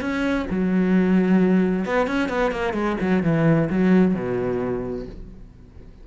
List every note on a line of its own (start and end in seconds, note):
0.00 0.46 C#4
0.50 1.85 F#3
1.85 2.07 B3
2.07 2.29 C#4
2.29 2.51 B3
2.51 2.73 A#3
2.73 2.96 G#3
3.00 3.23 F#3
3.23 3.68 E3
3.69 4.14 F#3
4.14 5.06 B2